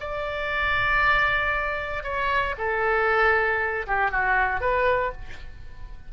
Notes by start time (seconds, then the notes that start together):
0.00 D5
2.03 C#5
2.58 A4
3.87 G4
4.11 F#4
4.61 B4